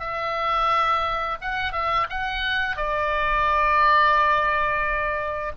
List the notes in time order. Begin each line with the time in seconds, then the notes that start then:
0.00 E5
1.41 F#5
1.72 E5
2.10 F#5
2.76 D5